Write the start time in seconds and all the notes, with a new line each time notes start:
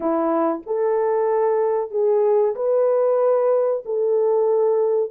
0.00 E4
0.66 A4
1.91 G#4
2.55 B4
3.85 A4